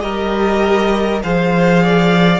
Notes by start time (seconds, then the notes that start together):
0.00 G3 G4 A#4 D#5
1.22 F3 G#4 C5 F5
1.82 D5